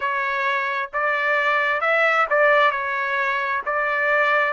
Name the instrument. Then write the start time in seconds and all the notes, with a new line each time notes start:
trumpet
0.00 C#5
0.93 D5
1.81 E5
2.30 D5
2.71 C#5
3.65 D5